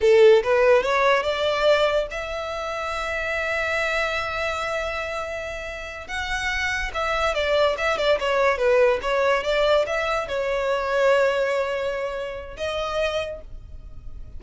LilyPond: \new Staff \with { instrumentName = "violin" } { \time 4/4 \tempo 4 = 143 a'4 b'4 cis''4 d''4~ | d''4 e''2.~ | e''1~ | e''2~ e''8 fis''4.~ |
fis''8 e''4 d''4 e''8 d''8 cis''8~ | cis''8 b'4 cis''4 d''4 e''8~ | e''8 cis''2.~ cis''8~ | cis''2 dis''2 | }